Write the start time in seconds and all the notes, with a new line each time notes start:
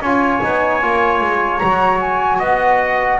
0.00 C#4 F4 C#5 G#5
0.42 B3 D#4
0.81 A#3 F4
1.21 G#3
1.58 F#3 F#4 A#5
2.00 G#5
2.39 B3 D#5 F#5